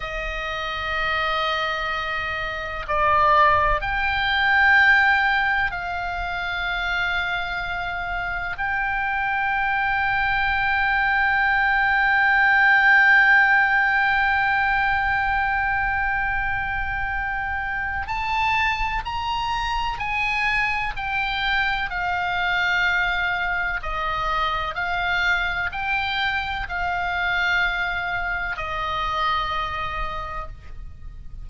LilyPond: \new Staff \with { instrumentName = "oboe" } { \time 4/4 \tempo 4 = 63 dis''2. d''4 | g''2 f''2~ | f''4 g''2.~ | g''1~ |
g''2. a''4 | ais''4 gis''4 g''4 f''4~ | f''4 dis''4 f''4 g''4 | f''2 dis''2 | }